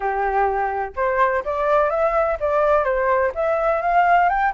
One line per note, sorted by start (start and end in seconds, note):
0.00 0.92 G4
0.96 1.43 C5
1.45 1.89 D5
1.89 2.37 E5
2.40 2.84 D5
2.84 3.32 C5
3.34 3.81 E5
3.81 4.29 F5
4.29 4.53 G5